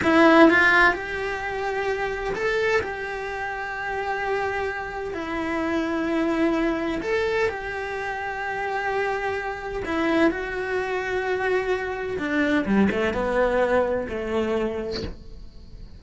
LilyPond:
\new Staff \with { instrumentName = "cello" } { \time 4/4 \tempo 4 = 128 e'4 f'4 g'2~ | g'4 a'4 g'2~ | g'2. e'4~ | e'2. a'4 |
g'1~ | g'4 e'4 fis'2~ | fis'2 d'4 g8 a8 | b2 a2 | }